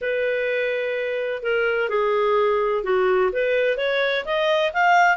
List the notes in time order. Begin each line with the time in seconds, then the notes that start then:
0.01 B4
1.42 A#4
1.89 G#4
2.83 F#4
3.32 B4
3.77 C#5
4.25 D#5
4.73 F5